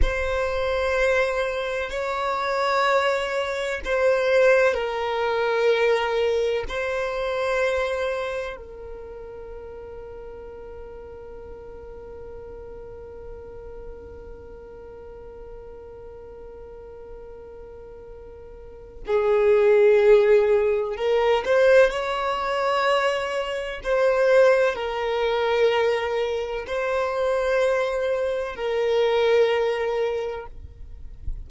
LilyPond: \new Staff \with { instrumentName = "violin" } { \time 4/4 \tempo 4 = 63 c''2 cis''2 | c''4 ais'2 c''4~ | c''4 ais'2.~ | ais'1~ |
ais'1 | gis'2 ais'8 c''8 cis''4~ | cis''4 c''4 ais'2 | c''2 ais'2 | }